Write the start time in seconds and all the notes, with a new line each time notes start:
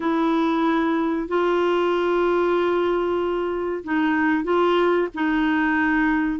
0.00 E4
1.28 F4
3.84 D#4
4.44 F4
5.14 D#4